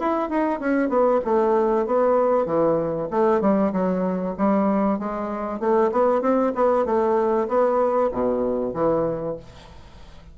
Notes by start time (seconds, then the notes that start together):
0.00 E4
0.30 D#4
0.60 C#4
0.89 B3
1.25 A3
1.87 B3
2.46 E3
3.11 A3
3.41 G3
3.73 F#3
4.38 G3
4.99 G#3
5.60 A3
5.92 B3
6.22 C4
6.55 B3
6.86 A3
7.49 B3
8.12 B2
8.74 E3